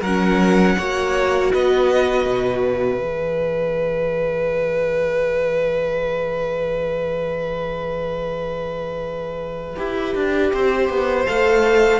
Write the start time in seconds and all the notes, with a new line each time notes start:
0.00 F#3 C#4 A#4 F#5
0.77 A#3 F#4 C#5
1.53 B3 B4 D#5
2.25 B2
2.64 E5
2.99 E3 G#4
9.76 E4 G4
10.15 D4
10.52 C4 C5
10.89 B3
11.26 A3 A4 F5